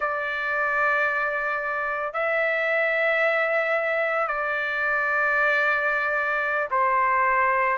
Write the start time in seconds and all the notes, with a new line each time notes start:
0.00 D5
2.13 E5
4.27 D5
6.71 C5